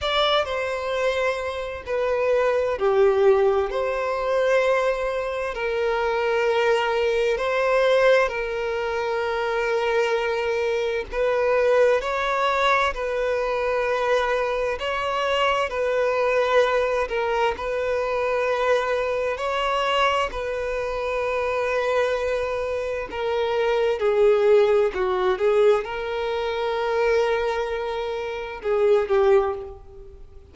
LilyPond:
\new Staff \with { instrumentName = "violin" } { \time 4/4 \tempo 4 = 65 d''8 c''4. b'4 g'4 | c''2 ais'2 | c''4 ais'2. | b'4 cis''4 b'2 |
cis''4 b'4. ais'8 b'4~ | b'4 cis''4 b'2~ | b'4 ais'4 gis'4 fis'8 gis'8 | ais'2. gis'8 g'8 | }